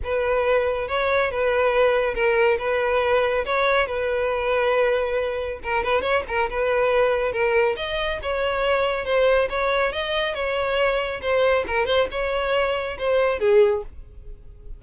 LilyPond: \new Staff \with { instrumentName = "violin" } { \time 4/4 \tempo 4 = 139 b'2 cis''4 b'4~ | b'4 ais'4 b'2 | cis''4 b'2.~ | b'4 ais'8 b'8 cis''8 ais'8 b'4~ |
b'4 ais'4 dis''4 cis''4~ | cis''4 c''4 cis''4 dis''4 | cis''2 c''4 ais'8 c''8 | cis''2 c''4 gis'4 | }